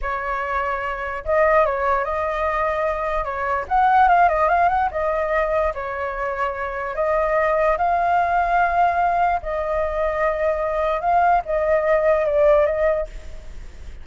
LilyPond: \new Staff \with { instrumentName = "flute" } { \time 4/4 \tempo 4 = 147 cis''2. dis''4 | cis''4 dis''2. | cis''4 fis''4 f''8 dis''8 f''8 fis''8 | dis''2 cis''2~ |
cis''4 dis''2 f''4~ | f''2. dis''4~ | dis''2. f''4 | dis''2 d''4 dis''4 | }